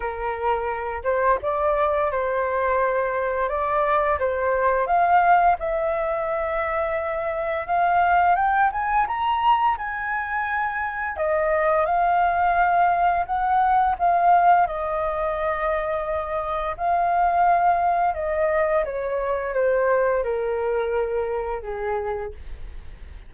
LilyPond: \new Staff \with { instrumentName = "flute" } { \time 4/4 \tempo 4 = 86 ais'4. c''8 d''4 c''4~ | c''4 d''4 c''4 f''4 | e''2. f''4 | g''8 gis''8 ais''4 gis''2 |
dis''4 f''2 fis''4 | f''4 dis''2. | f''2 dis''4 cis''4 | c''4 ais'2 gis'4 | }